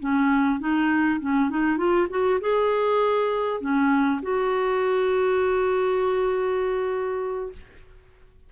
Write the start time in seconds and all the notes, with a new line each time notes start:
0.00 C#4
0.60 D#4
1.21 C#4
1.50 D#4
1.78 F4
2.10 F#4
2.41 G#4
3.61 C#4
4.22 F#4